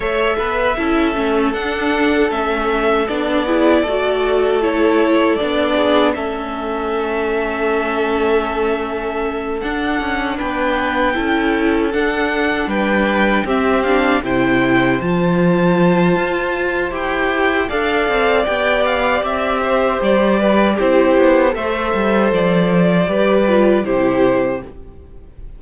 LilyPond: <<
  \new Staff \with { instrumentName = "violin" } { \time 4/4 \tempo 4 = 78 e''2 fis''4 e''4 | d''2 cis''4 d''4 | e''1~ | e''8 fis''4 g''2 fis''8~ |
fis''8 g''4 e''8 f''8 g''4 a''8~ | a''2 g''4 f''4 | g''8 f''8 e''4 d''4 c''4 | e''4 d''2 c''4 | }
  \new Staff \with { instrumentName = "violin" } { \time 4/4 cis''8 b'8 a'2.~ | a'8 gis'8 a'2~ a'8 gis'8 | a'1~ | a'4. b'4 a'4.~ |
a'8 b'4 g'4 c''4.~ | c''2. d''4~ | d''4. c''4 b'8 g'4 | c''2 b'4 g'4 | }
  \new Staff \with { instrumentName = "viola" } { \time 4/4 a'4 e'8 cis'8 d'4 cis'4 | d'8 e'8 fis'4 e'4 d'4 | cis'1~ | cis'8 d'2 e'4 d'8~ |
d'4. c'8 d'8 e'4 f'8~ | f'2 g'4 a'4 | g'2. e'4 | a'2 g'8 f'8 e'4 | }
  \new Staff \with { instrumentName = "cello" } { \time 4/4 a8 b8 cis'8 a8 d'4 a4 | b4 a2 b4 | a1~ | a8 d'8 cis'8 b4 cis'4 d'8~ |
d'8 g4 c'4 c4 f8~ | f4 f'4 e'4 d'8 c'8 | b4 c'4 g4 c'8 b8 | a8 g8 f4 g4 c4 | }
>>